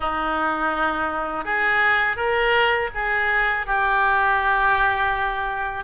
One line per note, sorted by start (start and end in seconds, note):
0.00 1.44 D#4
1.44 2.16 G#4
2.16 2.89 A#4
2.94 3.66 G#4
3.66 5.84 G4